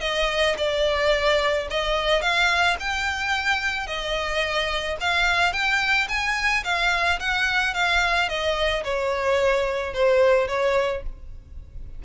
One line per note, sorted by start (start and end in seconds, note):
0.00 0.55 D#5
0.57 1.67 D5
1.70 2.21 D#5
2.21 2.76 F5
2.79 3.86 G5
3.86 4.96 D#5
5.00 5.52 F5
5.52 6.07 G5
6.08 6.63 G#5
6.64 7.19 F5
7.19 7.74 F#5
7.74 8.28 F5
8.28 8.83 D#5
8.83 9.93 C#5
9.93 10.47 C5
10.47 11.02 C#5